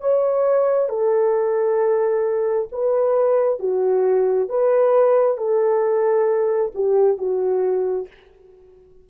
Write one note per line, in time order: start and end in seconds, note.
0.00 0.89 C#5
0.89 2.68 A4
2.72 3.59 B4
3.59 4.49 F#4
4.49 5.37 B4
5.37 6.71 A4
6.74 7.17 G4
7.17 8.07 F#4